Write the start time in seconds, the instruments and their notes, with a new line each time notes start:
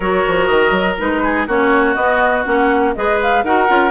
0.00 bassoon F#3, clarinet F#4, oboe A#4, flute C#5
0.27 bassoon F3
0.46 bassoon D#3, flute D#5
0.71 bassoon F#3
0.98 bassoon G#3, clarinet D#4, flute B4
1.23 oboe G#4
1.47 bassoon A#3, clarinet C#4, oboe F#4, flute C#5
1.95 bassoon B3, clarinet B3, flute D#5
2.45 bassoon A#3, clarinet C#4, flute F#5
2.95 bassoon G#3, clarinet G#4, oboe B4, flute D#5
3.22 flute F5
3.43 bassoon D#4, clarinet F#4, oboe A#4, flute F#5
3.68 bassoon C#4, clarinet F4